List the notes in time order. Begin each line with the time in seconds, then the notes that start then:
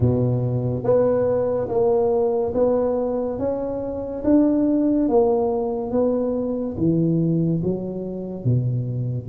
0.00 B2
0.83 B3
1.68 A#3
2.54 B3
3.38 C#4
4.24 D4
5.08 A#3
5.91 B3
6.77 E3
7.63 F#3
8.44 B2